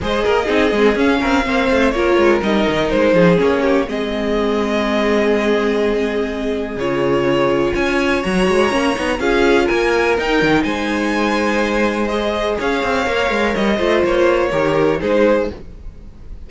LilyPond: <<
  \new Staff \with { instrumentName = "violin" } { \time 4/4 \tempo 4 = 124 dis''2 f''2 | cis''4 dis''4 c''4 cis''4 | dis''1~ | dis''2 cis''2 |
gis''4 ais''2 f''4 | gis''4 g''4 gis''2~ | gis''4 dis''4 f''2 | dis''4 cis''2 c''4 | }
  \new Staff \with { instrumentName = "violin" } { \time 4/4 c''8 ais'8 gis'4. ais'8 c''4 | ais'2~ ais'8 gis'4 g'8 | gis'1~ | gis'1 |
cis''2. gis'4 | ais'2 c''2~ | c''2 cis''2~ | cis''8 c''4. ais'4 gis'4 | }
  \new Staff \with { instrumentName = "viola" } { \time 4/4 gis'4 dis'8 c'8 cis'4 c'4 | f'4 dis'2 cis'4 | c'1~ | c'2 f'2~ |
f'4 fis'4 cis'8 dis'8 f'4~ | f'4 dis'2.~ | dis'4 gis'2 ais'4~ | ais'8 f'4. g'4 dis'4 | }
  \new Staff \with { instrumentName = "cello" } { \time 4/4 gis8 ais8 c'8 gis8 cis'8 c'8 ais8 a8 | ais8 gis8 g8 dis8 gis8 f8 ais4 | gis1~ | gis2 cis2 |
cis'4 fis8 gis8 ais8 b8 cis'4 | ais4 dis'8 dis8 gis2~ | gis2 cis'8 c'8 ais8 gis8 | g8 a8 ais4 dis4 gis4 | }
>>